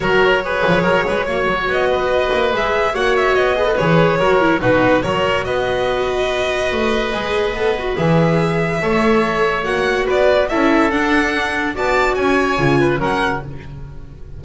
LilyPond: <<
  \new Staff \with { instrumentName = "violin" } { \time 4/4 \tempo 4 = 143 cis''1 | dis''2 e''4 fis''8 e''8 | dis''4 cis''2 b'4 | cis''4 dis''2.~ |
dis''2. e''4~ | e''2. fis''4 | d''4 e''4 fis''2 | a''4 gis''2 fis''4 | }
  \new Staff \with { instrumentName = "oboe" } { \time 4/4 ais'4 b'4 ais'8 b'8 cis''4~ | cis''8 b'2~ b'8 cis''4~ | cis''8 b'4. ais'4 fis'4 | ais'4 b'2.~ |
b'1~ | b'4 cis''2. | b'4 a'2. | d''4 cis''4. b'8 ais'4 | }
  \new Staff \with { instrumentName = "viola" } { \time 4/4 fis'4 gis'2 fis'4~ | fis'2 gis'4 fis'4~ | fis'8 gis'16 a'16 gis'4 fis'8 e'8 dis'4 | fis'1~ |
fis'4 gis'4 a'8 fis'8 gis'4~ | gis'4 a'2 fis'4~ | fis'4 e'4 d'2 | fis'2 f'4 cis'4 | }
  \new Staff \with { instrumentName = "double bass" } { \time 4/4 fis4. f8 fis8 gis8 ais8 fis8 | b4. ais8 gis4 ais4 | b4 e4 fis4 b,4 | fis4 b2. |
a4 gis4 b4 e4~ | e4 a2 ais4 | b4 cis'4 d'2 | b4 cis'4 cis4 fis4 | }
>>